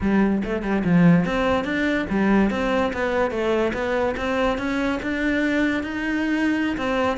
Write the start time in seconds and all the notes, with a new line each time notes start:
0.00 G3
0.44 A3
0.62 G3
0.84 F3
1.25 C4
1.64 D4
2.09 G3
2.50 C4
2.93 B3
3.30 A3
3.73 B3
4.17 C4
4.57 C#4
5.02 D4
5.83 D#4
6.77 C4